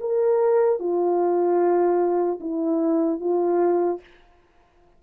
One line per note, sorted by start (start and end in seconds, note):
0.00 0.79 A#4
0.79 2.39 F4
2.40 3.20 E4
3.20 4.00 F4